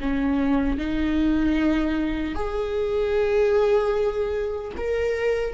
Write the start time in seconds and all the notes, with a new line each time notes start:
0.00 C#4
0.78 D#4
2.34 G#4
4.77 A#4